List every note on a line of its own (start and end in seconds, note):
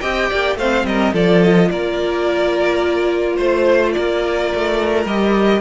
0.00 0.30 C4
0.00 0.56 G4
0.00 0.29 D#5
0.00 0.56 G5
0.29 0.56 A#3
0.29 0.57 D5
0.56 0.84 A3
0.56 1.14 C4
0.56 0.85 C5
0.56 0.85 F5
0.84 1.12 G3
0.84 1.13 A#4
0.84 1.13 D#5
1.13 1.69 F3
1.13 5.07 F4
1.13 1.69 A4
1.13 1.43 D5
1.43 1.70 D#5
1.70 3.38 A#3
1.70 3.35 A#4
1.70 3.37 D5
3.35 3.95 A3
3.35 3.91 C5
3.35 3.92 C5
3.92 4.54 A#3
3.92 5.60 A#4
3.92 5.05 D5
4.54 5.05 A3
5.05 5.60 G3
5.05 5.60 G4
5.05 5.60 D#5